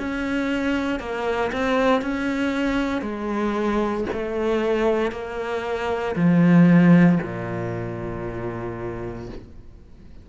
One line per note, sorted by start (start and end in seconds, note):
0.00 1.00 C#4
1.00 1.52 A#3
1.53 2.02 C4
2.02 3.02 C#4
3.02 4.05 G#3
4.13 5.12 A3
5.12 6.16 A#3
6.16 7.19 F3
7.23 9.30 A#2